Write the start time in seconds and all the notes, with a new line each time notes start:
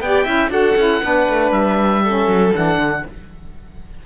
0.00 B3 G4 D5 G5
0.24 C#4 E4 E5
0.49 D4 F#4 A4 F#5
0.76 C#4 E4
1.02 B3 D4 B4
1.29 A3
1.51 G3 E5
2.03 C#4 A4
2.27 F#3
2.54 E3 D4 F#5
2.77 D3